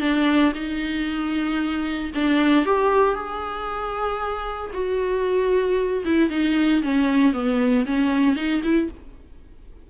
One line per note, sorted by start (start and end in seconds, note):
0.00 0.52 D4
0.54 2.11 D#4
2.14 2.65 D4
2.65 3.14 G4
3.14 4.71 G#4
4.73 6.04 F#4
6.05 6.30 E4
6.30 6.82 D#4
6.82 7.33 C#4
7.33 7.85 B3
7.85 8.35 C#4
8.35 8.62 D#4
8.63 8.89 E4